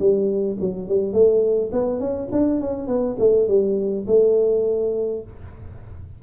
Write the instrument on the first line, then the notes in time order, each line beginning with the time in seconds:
tuba
0.00 G3
0.61 F#3
0.89 G3
1.14 A3
1.73 B3
2.00 C#4
2.32 D4
2.61 C#4
2.88 B3
3.19 A3
3.49 G3
4.08 A3